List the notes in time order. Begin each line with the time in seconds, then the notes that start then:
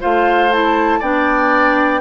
0.00 A3 F4 C5 F5
0.53 E4 A5
1.00 B3 D4 D5 G5